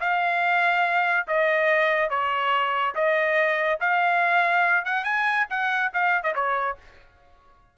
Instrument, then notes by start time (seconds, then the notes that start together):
trumpet
0.00 F5
1.27 D#5
2.10 C#5
2.95 D#5
3.80 F5
4.85 F#5
5.04 G#5
5.49 F#5
5.93 F5
6.23 D#5
6.35 C#5